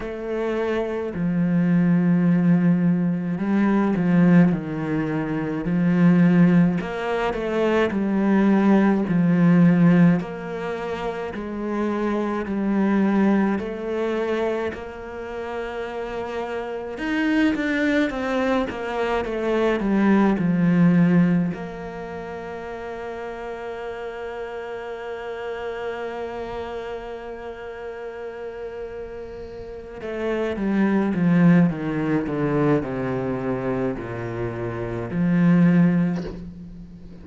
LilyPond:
\new Staff \with { instrumentName = "cello" } { \time 4/4 \tempo 4 = 53 a4 f2 g8 f8 | dis4 f4 ais8 a8 g4 | f4 ais4 gis4 g4 | a4 ais2 dis'8 d'8 |
c'8 ais8 a8 g8 f4 ais4~ | ais1~ | ais2~ ais8 a8 g8 f8 | dis8 d8 c4 ais,4 f4 | }